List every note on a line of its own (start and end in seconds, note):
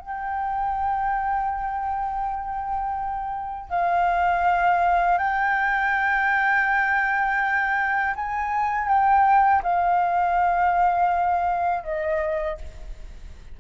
0.00 3.70 G5
3.70 5.18 F5
5.18 8.14 G5
8.16 8.88 G#5
8.88 9.62 G5
9.63 11.84 F5
11.84 12.58 D#5